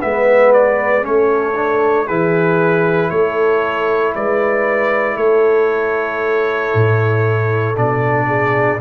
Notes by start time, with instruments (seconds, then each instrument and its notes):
0.00 tuba G#3, trombone B3, horn B4, trumpet E5
0.53 trumpet D5
1.02 tuba A3, trombone C#4, horn A4, trumpet C#5
1.56 trombone D4
2.07 tuba E3, trombone E4, horn G#4, trumpet B4
3.10 tuba A3, horn A4, trumpet C#5
4.15 tuba G#3, horn B4, trumpet D5
5.16 tuba A3, horn A4, trumpet C#5
6.74 tuba A2
7.76 tuba B2, trombone D4, trumpet D5
8.27 horn G#4